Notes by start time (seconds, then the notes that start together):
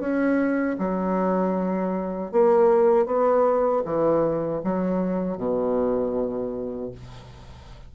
0.00 C#4
0.79 F#3
2.32 A#3
3.06 B3
3.85 E3
4.64 F#3
5.37 B2